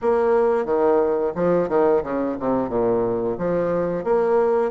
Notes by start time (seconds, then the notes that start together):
0.01 A#3
0.65 D#3
1.35 F3
1.68 D#3
2.03 C#3
2.39 C3
2.69 A#2
3.37 F3
4.04 A#3